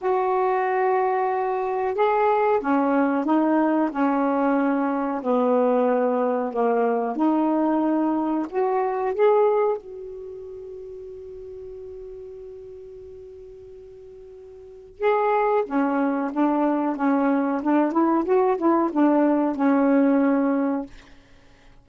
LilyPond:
\new Staff \with { instrumentName = "saxophone" } { \time 4/4 \tempo 4 = 92 fis'2. gis'4 | cis'4 dis'4 cis'2 | b2 ais4 dis'4~ | dis'4 fis'4 gis'4 fis'4~ |
fis'1~ | fis'2. gis'4 | cis'4 d'4 cis'4 d'8 e'8 | fis'8 e'8 d'4 cis'2 | }